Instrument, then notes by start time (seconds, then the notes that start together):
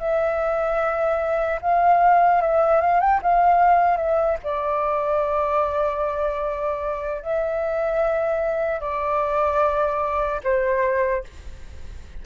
flute
0.00 E5
1.62 F5
2.42 E5
2.81 F5
3.01 G5
3.23 F5
3.97 E5
4.44 D5
7.23 E5
8.81 D5
10.44 C5